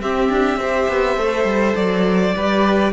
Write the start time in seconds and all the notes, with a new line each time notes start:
0.00 C4 G4 E5
0.29 D4
0.56 C4 G4 C5
0.88 B3
1.17 A3 A4
1.44 G3
1.76 F#3 D5
2.35 G3 G4 B4